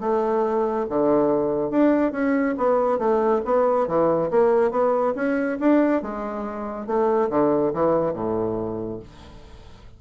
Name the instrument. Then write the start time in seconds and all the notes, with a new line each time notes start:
bassoon
0.00 A3
0.89 D3
1.70 D4
2.12 C#4
2.57 B3
2.98 A3
3.45 B3
3.87 E3
4.31 A#3
4.71 B3
5.15 C#4
5.59 D4
6.02 G#3
6.86 A3
7.30 D3
7.73 E3
8.13 A2